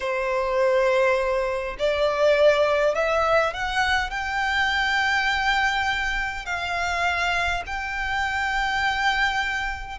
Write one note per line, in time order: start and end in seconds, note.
0.00 1.76 C5
1.78 2.94 D5
2.94 3.53 E5
3.53 4.10 F#5
4.10 6.45 G5
6.45 7.63 F5
7.66 9.98 G5